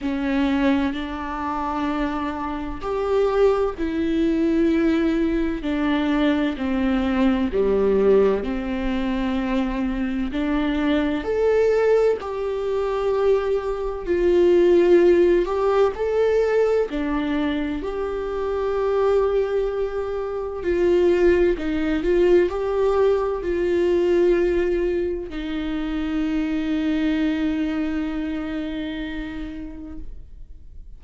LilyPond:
\new Staff \with { instrumentName = "viola" } { \time 4/4 \tempo 4 = 64 cis'4 d'2 g'4 | e'2 d'4 c'4 | g4 c'2 d'4 | a'4 g'2 f'4~ |
f'8 g'8 a'4 d'4 g'4~ | g'2 f'4 dis'8 f'8 | g'4 f'2 dis'4~ | dis'1 | }